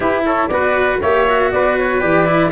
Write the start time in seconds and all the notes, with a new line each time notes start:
0.00 E4 G4 B4
0.26 A4 C#5
0.47 B3 F#4 B4 D5
1.01 A#3 G4 C#5 E5
1.27 F#4
1.51 B3 B4 D5
1.77 C#5
2.00 E3 G4 D5
2.25 E4